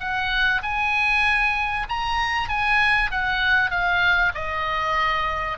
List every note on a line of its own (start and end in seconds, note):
0.00 0.62 F#5
0.63 1.86 G#5
1.89 2.49 A#5
2.49 3.10 G#5
3.11 3.70 F#5
3.70 4.32 F5
4.35 5.58 D#5